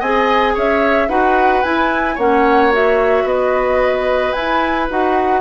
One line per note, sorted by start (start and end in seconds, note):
0.00 0.56 C4
0.00 1.10 G#4
0.00 0.54 D#5
0.00 0.56 G#5
0.55 1.09 C#4
0.55 1.09 C#5
0.55 1.09 E5
1.09 1.63 D#4
1.09 1.64 F#4
1.09 2.16 B4
1.09 1.63 F#5
1.64 2.18 E4
1.64 2.19 E4
1.64 2.18 G#5
2.16 3.24 A#3
2.16 2.73 C#4
2.16 3.24 C#5
2.16 2.73 F#5
2.73 4.35 F#4
2.73 3.28 E5
3.24 4.32 B3
3.24 5.42 B4
3.24 4.33 D#5
4.33 4.90 E4
4.33 4.87 G#5
4.90 5.42 D#4
4.90 5.42 F#4
4.90 5.42 F#5